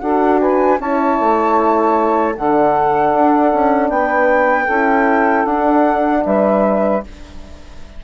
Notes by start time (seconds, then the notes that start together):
0.00 D4 F#4 A4 F#5
0.40 B4 G#5
0.79 C#4 E4 C#5 A5
1.20 A3
2.36 D3 D4 A4 F#5
3.13 D4
3.53 C#4
3.89 B3 B4 G5
4.65 C#4 E4 A4
5.45 D4 F#5
6.25 G3 B4 E5